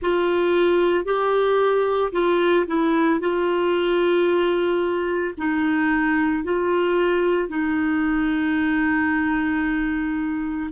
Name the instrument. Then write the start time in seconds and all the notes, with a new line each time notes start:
clarinet
0.01 F4
1.05 G4
2.12 F4
2.66 E4
3.19 F4
5.37 D#4
6.43 F4
7.48 D#4